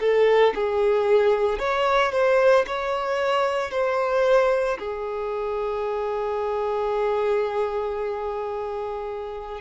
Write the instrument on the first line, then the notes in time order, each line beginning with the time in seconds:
violin
0.00 A4
0.55 G#4
1.59 C#5
2.12 C5
2.67 C#5
3.71 C5
4.79 G#4